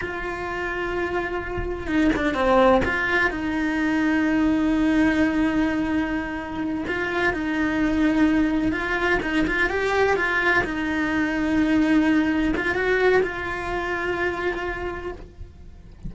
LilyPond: \new Staff \with { instrumentName = "cello" } { \time 4/4 \tempo 4 = 127 f'1 | dis'8 d'8 c'4 f'4 dis'4~ | dis'1~ | dis'2~ dis'8 f'4 dis'8~ |
dis'2~ dis'8 f'4 dis'8 | f'8 g'4 f'4 dis'4.~ | dis'2~ dis'8 f'8 fis'4 | f'1 | }